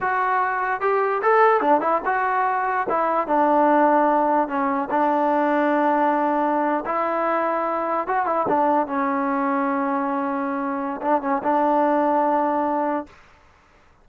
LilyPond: \new Staff \with { instrumentName = "trombone" } { \time 4/4 \tempo 4 = 147 fis'2 g'4 a'4 | d'8 e'8 fis'2 e'4 | d'2. cis'4 | d'1~ |
d'8. e'2. fis'16~ | fis'16 e'8 d'4 cis'2~ cis'16~ | cis'2. d'8 cis'8 | d'1 | }